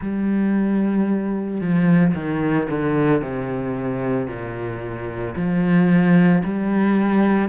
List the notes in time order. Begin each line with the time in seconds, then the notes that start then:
0.00 G3
1.60 F3
2.14 D#3
2.69 D3
3.21 C3
4.27 A#2
5.35 F3
6.43 G3